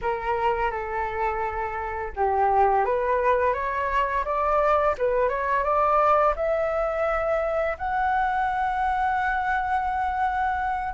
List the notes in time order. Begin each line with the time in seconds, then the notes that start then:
0.01 A#4
0.71 A4
2.16 G4
2.85 B4
3.53 C#5
4.24 D5
4.98 B4
5.28 C#5
5.63 D5
6.36 E5
7.78 F#5